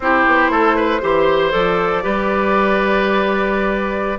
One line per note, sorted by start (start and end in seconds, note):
0.00 0.25 C4
0.00 1.01 E4
0.00 0.51 G4
0.00 1.51 C5
0.26 0.49 B3
0.49 1.00 A3
0.49 0.76 A4
0.76 1.01 B4
1.01 1.52 E3
1.01 1.51 G4
1.01 2.03 C5
1.51 2.04 F3
1.51 2.02 A4
1.51 4.18 D5
2.02 4.18 G3
2.02 4.18 G4
2.02 4.18 B4